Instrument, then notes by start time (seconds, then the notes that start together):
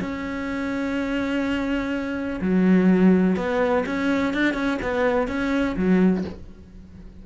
cello
0.00 C#4
2.41 F#3
3.36 B3
3.86 C#4
4.34 D4
4.54 C#4
4.82 B3
5.28 C#4
5.76 F#3